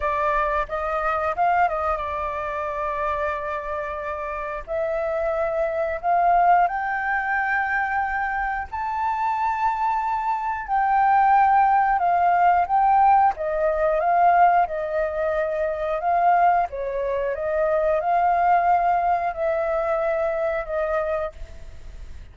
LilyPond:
\new Staff \with { instrumentName = "flute" } { \time 4/4 \tempo 4 = 90 d''4 dis''4 f''8 dis''8 d''4~ | d''2. e''4~ | e''4 f''4 g''2~ | g''4 a''2. |
g''2 f''4 g''4 | dis''4 f''4 dis''2 | f''4 cis''4 dis''4 f''4~ | f''4 e''2 dis''4 | }